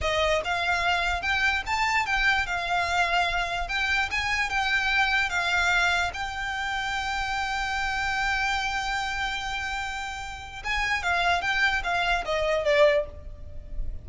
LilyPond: \new Staff \with { instrumentName = "violin" } { \time 4/4 \tempo 4 = 147 dis''4 f''2 g''4 | a''4 g''4 f''2~ | f''4 g''4 gis''4 g''4~ | g''4 f''2 g''4~ |
g''1~ | g''1~ | g''2 gis''4 f''4 | g''4 f''4 dis''4 d''4 | }